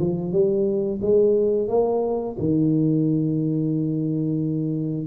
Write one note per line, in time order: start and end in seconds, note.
0.00 0.32 F3
0.32 1.00 G3
1.02 1.68 G#3
1.68 2.36 A#3
2.39 5.07 D#3